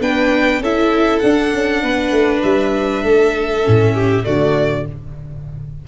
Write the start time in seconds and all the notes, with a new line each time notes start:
0.00 B3 D4 B4 G5
0.60 C#4 E4 A4 E5
1.19 D4 F#5
1.53 C#4
1.83 B3 B4
2.11 A3
2.43 G3 E5
3.04 A3 A4
3.62 A2 C#4
3.94 G4
4.24 D3 A3 F#4 D5